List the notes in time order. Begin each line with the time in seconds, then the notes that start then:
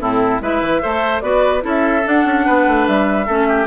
0.00 A2 C4 E4 A4
0.41 G#3 E4 B4 E5
0.61 E3
0.82 A3 A4 C5
1.21 B3 F#4 B4 D5
1.61 C#4 E4 A4
1.68 E5
2.05 D4 F#5
2.25 C#4
2.46 B3 B4
2.67 A3
2.87 G3 E5
3.27 A3 C#4 A4
3.48 G4